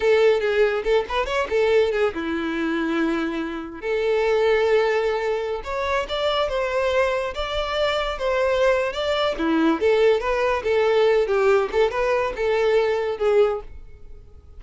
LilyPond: \new Staff \with { instrumentName = "violin" } { \time 4/4 \tempo 4 = 141 a'4 gis'4 a'8 b'8 cis''8 a'8~ | a'8 gis'8 e'2.~ | e'4 a'2.~ | a'4~ a'16 cis''4 d''4 c''8.~ |
c''4~ c''16 d''2 c''8.~ | c''4 d''4 e'4 a'4 | b'4 a'4. g'4 a'8 | b'4 a'2 gis'4 | }